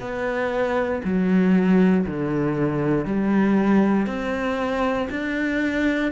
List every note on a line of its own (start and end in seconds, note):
0.00 1.02 B3
1.04 2.06 F#3
2.06 3.05 D3
3.05 4.06 G3
4.06 5.08 C4
5.10 6.12 D4